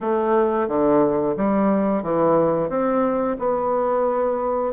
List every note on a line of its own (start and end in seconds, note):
0.00 0.67 A3
0.67 1.35 D3
1.37 2.02 G3
2.02 2.69 E3
2.69 3.36 C4
3.39 4.73 B3